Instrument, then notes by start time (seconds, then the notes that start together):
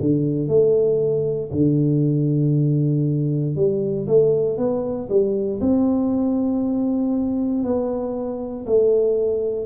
tuba
0.00 D3
0.48 A3
1.52 D3
3.56 G3
4.07 A3
4.58 B3
5.09 G3
5.61 C4
7.63 B3
8.66 A3